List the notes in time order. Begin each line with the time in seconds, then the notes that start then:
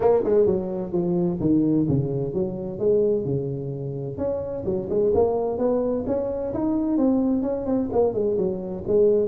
0.00 A#3
0.23 G#3
0.46 F#3
0.92 F3
1.40 D#3
1.88 C#3
2.33 F#3
2.78 G#3
3.24 C#3
4.17 C#4
4.65 F#3
4.89 G#3
5.14 A#3
5.58 B3
6.06 C#4
6.53 D#4
6.97 C4
7.42 C#4
7.65 C4
7.92 A#3
8.13 G#3
8.37 F#3
8.87 G#3